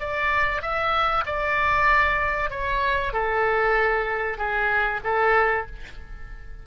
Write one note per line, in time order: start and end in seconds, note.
0.00 0.62 D5
0.62 1.24 E5
1.26 2.51 D5
2.51 3.13 C#5
3.13 4.38 A4
4.38 5.00 G#4
5.04 5.66 A4